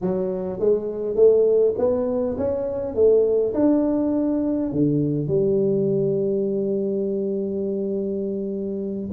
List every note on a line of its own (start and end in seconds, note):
0.01 0.59 F#3
0.59 1.15 G#3
1.15 1.74 A3
1.78 2.37 B3
2.37 2.94 C#4
2.94 3.53 A3
3.54 4.71 D4
4.72 5.27 D3
5.27 9.10 G3